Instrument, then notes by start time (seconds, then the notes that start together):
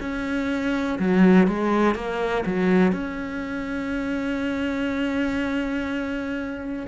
cello
0.00 C#4
0.99 F#3
1.47 G#3
1.95 A#3
2.45 F#3
2.92 C#4